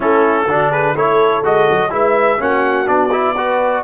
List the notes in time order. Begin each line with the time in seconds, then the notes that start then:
0.00 A3 C#4 E4 A4
0.47 D3 D4 F#4
0.70 G#4 B4
0.95 A3 E4 A4 C#5
1.43 G#3 F#4 D#5
1.70 F#3
1.89 G#3 E4 B4 E5
2.38 A#3 C#4 F#4 F#5
2.86 B3 D4 D5
3.11 E4
3.34 F#4 B4